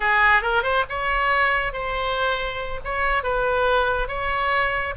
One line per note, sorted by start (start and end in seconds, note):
0.00 0.42 G#4
0.42 0.63 A#4
0.63 0.84 C5
0.89 1.72 C#5
1.72 2.80 C5
2.84 3.23 C#5
3.23 4.08 B4
4.08 4.94 C#5